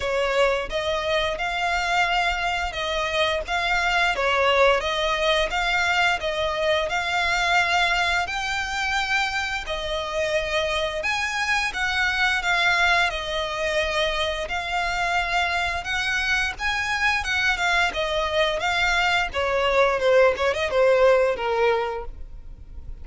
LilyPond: \new Staff \with { instrumentName = "violin" } { \time 4/4 \tempo 4 = 87 cis''4 dis''4 f''2 | dis''4 f''4 cis''4 dis''4 | f''4 dis''4 f''2 | g''2 dis''2 |
gis''4 fis''4 f''4 dis''4~ | dis''4 f''2 fis''4 | gis''4 fis''8 f''8 dis''4 f''4 | cis''4 c''8 cis''16 dis''16 c''4 ais'4 | }